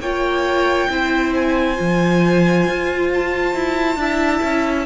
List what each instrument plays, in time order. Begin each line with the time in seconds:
0.00 cello A#3, viola F4, violin C#5 G5
0.90 cello C4, viola E4, violin C5
1.35 violin G#5
1.76 cello F3, viola F4
2.67 cello F4
3.14 violin A5
3.55 cello E4
3.96 cello D4, viola E4, violin E5
4.43 cello C#4